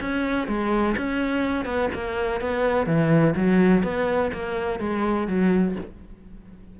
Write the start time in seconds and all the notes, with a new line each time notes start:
0.00 C#4
0.47 G#3
0.97 C#4
1.65 B3
1.94 A#3
2.40 B3
2.86 E3
3.36 F#3
3.83 B3
4.33 A#3
4.79 G#3
5.27 F#3